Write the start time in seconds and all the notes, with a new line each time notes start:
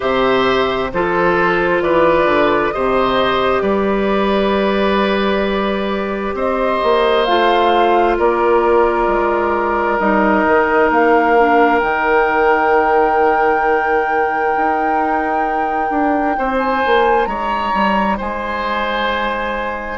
0.00 C3 G4 C5 E5
0.92 F3 F4 A4 C5
1.81 E3 B4 D5
2.25 D3
2.71 C3 G4 C5 D#5
3.61 G3 B4 D5
6.34 C4 C5 D#5
6.83 A#3
7.24 A3 F4 F5
8.18 A#3 A#4 D5
9.07 G#3
9.98 G3 D#4 D#5
10.47 D#3
10.90 A#3 F5
11.38 D4
11.79 D#3 D#4 G5
14.56 D#4
15.90 D4
16.37 C4 C5
16.58 G#5
16.85 A#3
17.25 G#3 C#5 A#5
17.73 G3
18.17 G#3 C5 G#5